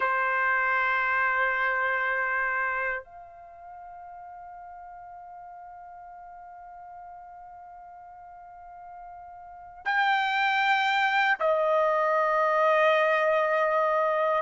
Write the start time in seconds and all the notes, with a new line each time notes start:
0.00 C5
3.04 F5
9.85 G5
11.39 D#5